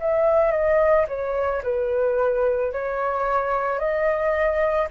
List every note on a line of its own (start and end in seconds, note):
0.00 0.52 E5
0.52 1.06 D#5
1.08 1.63 C#5
1.63 2.72 B4
2.72 3.79 C#5
3.79 4.88 D#5